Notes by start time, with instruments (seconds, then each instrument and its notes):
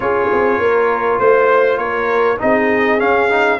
0.00 tuba C#4, trombone F4, horn G#4, trumpet C#5
0.32 tuba C4
0.58 tuba A#3, horn A#4
1.19 tuba A3, horn C5, trumpet C5
1.77 tuba A#3, horn A#4, trumpet C#5
2.39 tuba C4, trombone D#4, horn G#4, trumpet D#5
2.98 trombone C#4, tuba C#4, trumpet F5
3.29 trombone D#4